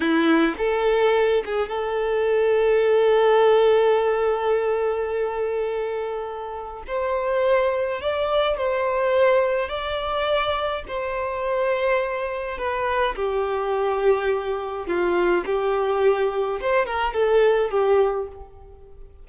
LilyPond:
\new Staff \with { instrumentName = "violin" } { \time 4/4 \tempo 4 = 105 e'4 a'4. gis'8 a'4~ | a'1~ | a'1 | c''2 d''4 c''4~ |
c''4 d''2 c''4~ | c''2 b'4 g'4~ | g'2 f'4 g'4~ | g'4 c''8 ais'8 a'4 g'4 | }